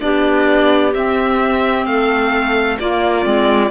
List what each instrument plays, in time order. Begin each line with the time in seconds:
0.00 cello B3, clarinet D4 G4, violin D5
0.94 cello C4, clarinet C4, violin E5
1.86 cello A3, clarinet A4, violin F5
2.79 cello A#3, clarinet A#3 F4, violin D5
3.23 cello G#3, clarinet C4